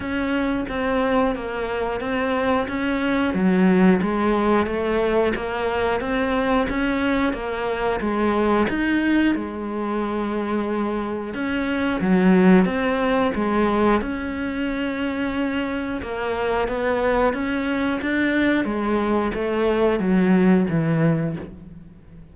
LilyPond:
\new Staff \with { instrumentName = "cello" } { \time 4/4 \tempo 4 = 90 cis'4 c'4 ais4 c'4 | cis'4 fis4 gis4 a4 | ais4 c'4 cis'4 ais4 | gis4 dis'4 gis2~ |
gis4 cis'4 fis4 c'4 | gis4 cis'2. | ais4 b4 cis'4 d'4 | gis4 a4 fis4 e4 | }